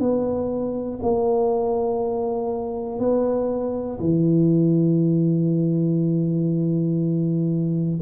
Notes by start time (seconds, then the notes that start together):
0.00 B3
1.03 A#3
3.00 B3
4.00 E3